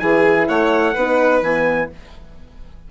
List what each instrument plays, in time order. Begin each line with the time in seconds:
0.00 bassoon E3, horn E4, violin G#4, trumpet G#5
0.48 bassoon A3, violin C#5, trumpet F#5
0.94 bassoon B3, horn D#4, violin B4
1.42 bassoon E3, horn B3, trumpet G#5